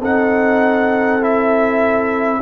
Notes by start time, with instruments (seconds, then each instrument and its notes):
0.00 tuba C4, trombone D#4, horn A4, trumpet F#5
1.20 trombone E4, trumpet E5